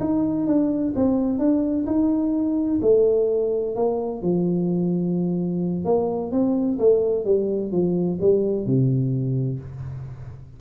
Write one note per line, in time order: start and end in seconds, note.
0.00 0.46 D#4
0.46 0.93 D4
0.95 1.38 C4
1.38 1.85 D4
1.86 2.80 D#4
2.82 3.75 A3
3.76 4.22 A#3
4.22 5.84 F3
5.84 6.31 A#3
6.32 6.78 C4
6.79 7.25 A3
7.25 7.72 G3
7.72 8.19 F3
8.21 8.66 G3
8.66 9.60 C3